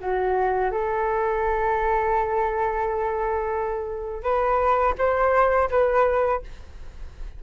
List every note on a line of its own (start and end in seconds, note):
0.00 0.71 F#4
0.71 4.23 A4
4.23 4.94 B4
4.98 5.69 C5
5.70 6.42 B4